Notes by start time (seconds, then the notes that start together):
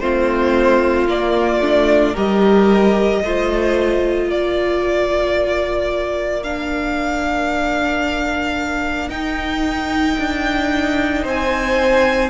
0.00 A3 C4 F4 C5
1.08 A#3 D5
1.61 A3 D4
2.13 G3 G4 A#4 D#5
3.23 A3 F4 C5
4.28 A#3 A#4 D5
6.44 D4 F5
9.09 D#4 G5
10.19 D4
11.23 C4 C5 G#5